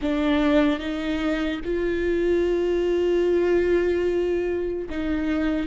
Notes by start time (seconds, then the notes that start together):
0.01 D4
0.79 D#4
1.64 F4
4.89 D#4